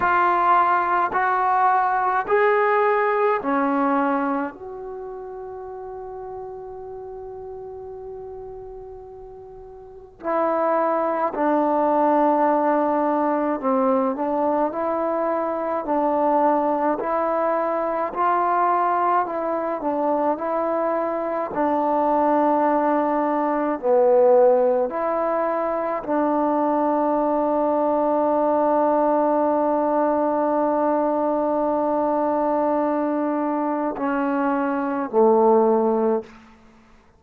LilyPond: \new Staff \with { instrumentName = "trombone" } { \time 4/4 \tempo 4 = 53 f'4 fis'4 gis'4 cis'4 | fis'1~ | fis'4 e'4 d'2 | c'8 d'8 e'4 d'4 e'4 |
f'4 e'8 d'8 e'4 d'4~ | d'4 b4 e'4 d'4~ | d'1~ | d'2 cis'4 a4 | }